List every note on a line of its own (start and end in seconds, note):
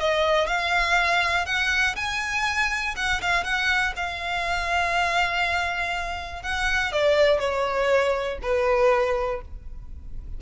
0.00 0.47 D#5
0.47 1.46 F5
1.46 1.96 F#5
1.96 2.95 G#5
2.97 3.21 F#5
3.22 3.44 F5
3.44 3.94 F#5
3.97 6.43 F5
6.43 6.92 F#5
6.93 7.40 D5
7.40 8.39 C#5
8.43 9.42 B4